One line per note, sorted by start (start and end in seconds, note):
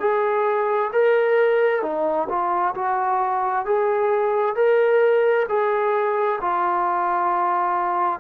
0.00 0.91 G#4
0.93 1.82 A#4
1.82 2.28 D#4
2.29 2.74 F4
2.75 3.66 F#4
3.66 4.55 G#4
4.55 5.46 A#4
5.49 6.40 G#4
6.41 8.20 F4